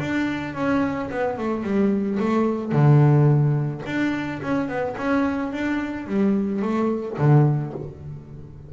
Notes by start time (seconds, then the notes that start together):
0.00 D4
0.55 C#4
1.11 B3
1.39 A3
1.64 G3
2.20 A3
2.72 D3
3.87 D4
4.43 C#4
4.69 B3
4.98 C#4
5.53 D4
6.07 G3
6.63 A3
7.19 D3